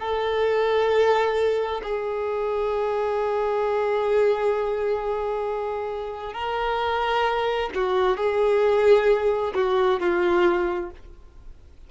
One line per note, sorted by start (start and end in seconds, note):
0.00 1.82 A4
1.83 6.34 G#4
6.34 7.70 A#4
7.75 8.17 F#4
8.17 9.54 G#4
9.55 10.00 F#4
10.00 10.91 F4